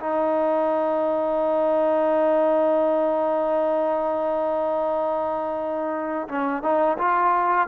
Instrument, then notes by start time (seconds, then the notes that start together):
trombone
0.00 D#4
6.28 C#4
6.62 D#4
6.98 F4